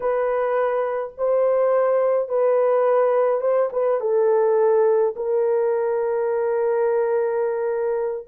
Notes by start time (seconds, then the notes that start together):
0.00 B4
1.17 C5
2.28 B4
3.41 C5
3.72 B4
4.00 A4
5.16 A#4